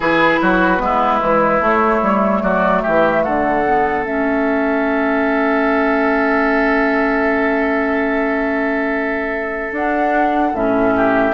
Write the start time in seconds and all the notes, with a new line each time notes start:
0.00 E3 E4 G#4 B4
0.41 F#3 F#4
0.79 G#3 B3 E4
1.19 E3 G#3
1.60 A3 C#5
2.02 G3
2.42 F#3 F#4 D5
2.82 E3 G4 E5
3.23 D3 A4 F#5
3.66 B3
4.04 A3 C#4 E5
9.71 D4 F#5
10.53 A2 C#4 E5
10.96 G4